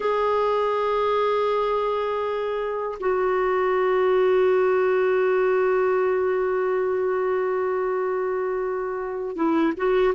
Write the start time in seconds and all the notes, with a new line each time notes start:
0.00 G#4
3.00 F#4
9.35 E4
9.76 F#4